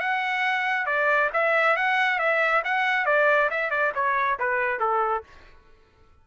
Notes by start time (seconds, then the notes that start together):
0.00 F#5
0.86 D5
1.33 E5
1.76 F#5
2.19 E5
2.65 F#5
3.06 D5
3.51 E5
3.70 D5
3.95 C#5
4.39 B4
4.80 A4